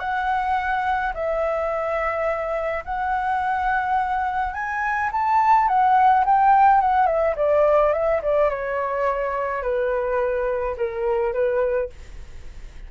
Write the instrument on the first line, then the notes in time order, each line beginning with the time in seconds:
flute
0.00 F#5
1.14 E5
2.85 F#5
4.54 G#5
5.13 A5
5.68 F#5
6.26 G5
6.81 F#5
7.07 E5
7.37 D5
7.93 E5
8.23 D5
8.50 C#5
9.63 B4
10.78 A#4
11.34 B4